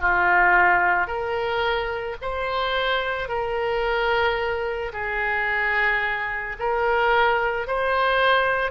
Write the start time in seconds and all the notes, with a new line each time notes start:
0.00 F4
1.07 A#4
2.21 C5
3.28 A#4
4.92 G#4
6.59 A#4
7.67 C5